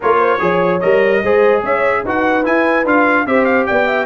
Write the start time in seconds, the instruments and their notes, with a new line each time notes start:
0.00 tuba A#3, trombone F4, horn A#4, trumpet C#5
0.20 horn C5
0.39 tuba F3, trombone G#4, horn C#5
0.80 tuba G3, trombone A#4, trumpet D#5
1.23 tuba G#3, trombone G#4, horn C5
1.63 tuba C#4, horn C#5, trumpet E5
2.04 tuba D#4, trombone F#4, horn B4, trumpet F#5
2.43 trombone E4, tuba E4, trumpet G#5
2.85 tuba D4, trombone F4, trumpet F5
3.26 tuba C4, trombone G4, horn C5, trumpet E5
3.44 trumpet F5
3.66 tuba B3, horn D5, trumpet G5
3.86 horn E5